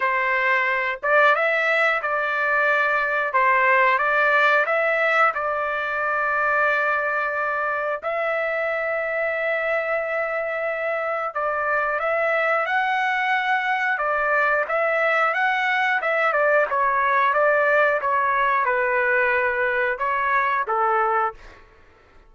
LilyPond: \new Staff \with { instrumentName = "trumpet" } { \time 4/4 \tempo 4 = 90 c''4. d''8 e''4 d''4~ | d''4 c''4 d''4 e''4 | d''1 | e''1~ |
e''4 d''4 e''4 fis''4~ | fis''4 d''4 e''4 fis''4 | e''8 d''8 cis''4 d''4 cis''4 | b'2 cis''4 a'4 | }